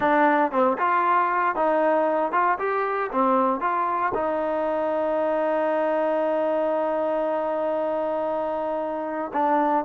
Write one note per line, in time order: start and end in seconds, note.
0.00 0.51 D4
0.51 0.77 C4
0.78 1.55 F4
1.55 2.32 D#4
2.32 2.58 F4
2.58 3.10 G4
3.12 3.60 C4
3.60 4.12 F4
4.14 9.31 D#4
9.33 9.84 D4